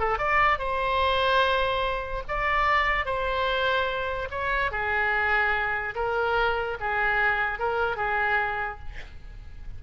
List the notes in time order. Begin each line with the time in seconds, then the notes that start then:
0.00 A4
0.19 D5
0.59 C5
2.28 D5
3.06 C5
4.31 C#5
4.72 G#4
5.96 A#4
6.81 G#4
7.59 A#4
7.97 G#4